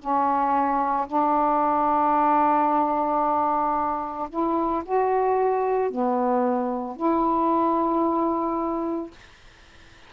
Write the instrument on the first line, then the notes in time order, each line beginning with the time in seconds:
saxophone
0.00 C#4
1.08 D4
4.30 E4
4.86 F#4
5.90 B3
6.97 E4